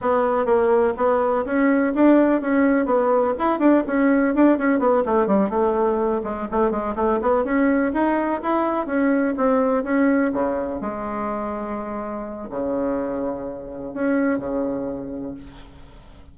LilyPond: \new Staff \with { instrumentName = "bassoon" } { \time 4/4 \tempo 4 = 125 b4 ais4 b4 cis'4 | d'4 cis'4 b4 e'8 d'8 | cis'4 d'8 cis'8 b8 a8 g8 a8~ | a4 gis8 a8 gis8 a8 b8 cis'8~ |
cis'8 dis'4 e'4 cis'4 c'8~ | c'8 cis'4 cis4 gis4.~ | gis2 cis2~ | cis4 cis'4 cis2 | }